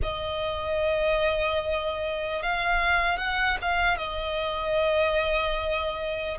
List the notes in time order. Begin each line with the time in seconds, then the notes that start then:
0.02 D#5
2.42 F5
3.17 F#5
3.61 F5
3.97 D#5